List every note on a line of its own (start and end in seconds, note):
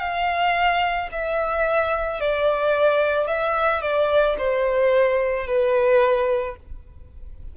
0.00 1.09 F5
1.12 2.21 E5
2.21 3.27 D5
3.27 3.82 E5
3.82 4.36 D5
4.38 5.47 C5
5.47 6.56 B4